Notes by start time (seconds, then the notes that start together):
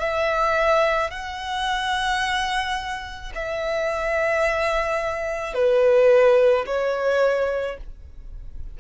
0.00 E5
1.11 F#5
3.35 E5
5.55 B4
6.66 C#5